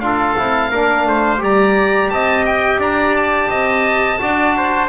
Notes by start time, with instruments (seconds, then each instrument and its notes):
0.00 double bass D4, trombone F4, trumpet A4, oboe F5
0.37 double bass C4, trombone E4
0.70 double bass A#3, trombone D4, trumpet A#4
1.06 double bass A3, trumpet C5
1.38 double bass G3, trombone G4, trumpet D5, oboe A#5
2.10 double bass C4, trumpet D#5, oboe A5
2.45 oboe G5
2.78 double bass D4, trumpet D5, oboe A#5
3.16 oboe A5
3.49 double bass C4, trumpet D#5
4.18 double bass D4, trombone F#4, trumpet D5
4.57 trumpet C5